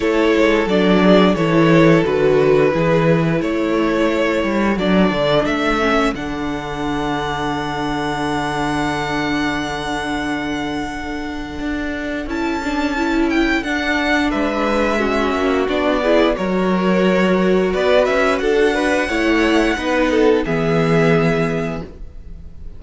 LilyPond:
<<
  \new Staff \with { instrumentName = "violin" } { \time 4/4 \tempo 4 = 88 cis''4 d''4 cis''4 b'4~ | b'4 cis''2 d''4 | e''4 fis''2.~ | fis''1~ |
fis''2 a''4. g''8 | fis''4 e''2 d''4 | cis''2 d''8 e''8 fis''4~ | fis''2 e''2 | }
  \new Staff \with { instrumentName = "violin" } { \time 4/4 a'4. gis'8 a'2 | gis'4 a'2.~ | a'1~ | a'1~ |
a'1~ | a'4 b'4 fis'4. gis'8 | ais'2 b'4 a'8 b'8 | cis''4 b'8 a'8 gis'2 | }
  \new Staff \with { instrumentName = "viola" } { \time 4/4 e'4 d'4 e'4 fis'4 | e'2. d'4~ | d'8 cis'8 d'2.~ | d'1~ |
d'2 e'8 d'8 e'4 | d'2 cis'4 d'8 e'8 | fis'1 | e'4 dis'4 b2 | }
  \new Staff \with { instrumentName = "cello" } { \time 4/4 a8 gis8 fis4 e4 d4 | e4 a4. g8 fis8 d8 | a4 d2.~ | d1~ |
d4 d'4 cis'2 | d'4 gis4. ais8 b4 | fis2 b8 cis'8 d'4 | a4 b4 e2 | }
>>